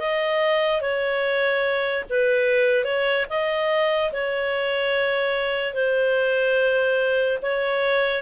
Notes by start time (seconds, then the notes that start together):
0.00 D#5
0.82 C#5
2.10 B4
2.85 C#5
3.30 D#5
4.13 C#5
5.75 C5
7.42 C#5